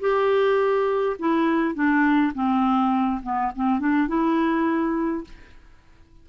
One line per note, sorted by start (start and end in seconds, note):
0.00 1.17 G4
1.19 1.74 E4
1.74 2.32 D4
2.34 3.21 C4
3.23 3.52 B3
3.55 3.79 C4
3.79 4.08 D4
4.08 5.24 E4